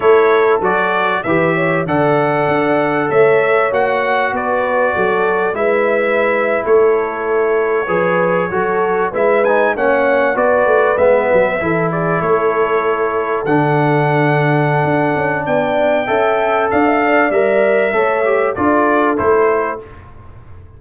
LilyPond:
<<
  \new Staff \with { instrumentName = "trumpet" } { \time 4/4 \tempo 4 = 97 cis''4 d''4 e''4 fis''4~ | fis''4 e''4 fis''4 d''4~ | d''4 e''4.~ e''16 cis''4~ cis''16~ | cis''2~ cis''8. e''8 gis''8 fis''16~ |
fis''8. d''4 e''4. d''8 cis''16~ | cis''4.~ cis''16 fis''2~ fis''16~ | fis''4 g''2 f''4 | e''2 d''4 c''4 | }
  \new Staff \with { instrumentName = "horn" } { \time 4/4 a'2 b'8 cis''8 d''4~ | d''4 cis''2 b'4 | a'4 b'4.~ b'16 a'4~ a'16~ | a'8. b'4 a'4 b'4 cis''16~ |
cis''8. b'2 a'8 gis'8 a'16~ | a'1~ | a'4 d''4 e''4 d''16 e''16 d''8~ | d''4 cis''4 a'2 | }
  \new Staff \with { instrumentName = "trombone" } { \time 4/4 e'4 fis'4 g'4 a'4~ | a'2 fis'2~ | fis'4 e'2.~ | e'8. gis'4 fis'4 e'8 dis'8 cis'16~ |
cis'8. fis'4 b4 e'4~ e'16~ | e'4.~ e'16 d'2~ d'16~ | d'2 a'2 | ais'4 a'8 g'8 f'4 e'4 | }
  \new Staff \with { instrumentName = "tuba" } { \time 4/4 a4 fis4 e4 d4 | d'4 a4 ais4 b4 | fis4 gis4.~ gis16 a4~ a16~ | a8. f4 fis4 gis4 ais16~ |
ais8. b8 a8 gis8 fis8 e4 a16~ | a4.~ a16 d2~ d16 | d'8 cis'8 b4 cis'4 d'4 | g4 a4 d'4 a4 | }
>>